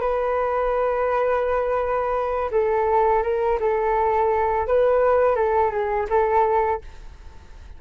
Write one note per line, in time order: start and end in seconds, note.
0.00 2.50 B4
2.51 3.22 A4
3.23 3.58 A#4
3.60 4.67 A4
4.67 5.35 B4
5.35 5.71 A4
5.71 6.06 G#4
6.09 6.81 A4